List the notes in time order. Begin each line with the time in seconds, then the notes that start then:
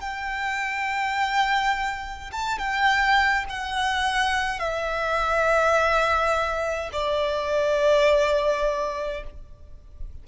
0.00 G5
2.32 A5
2.59 G5
3.49 F#5
4.59 E5
6.92 D5